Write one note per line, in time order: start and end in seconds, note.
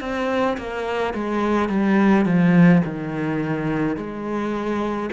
0.00 0.57 C4
0.57 1.13 A#3
1.13 1.69 G#3
1.69 2.25 G3
2.25 2.81 F3
2.84 3.96 D#3
3.96 5.09 G#3